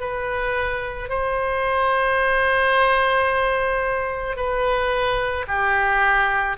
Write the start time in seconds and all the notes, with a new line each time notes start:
0.00 B4
1.09 C5
4.36 B4
5.47 G4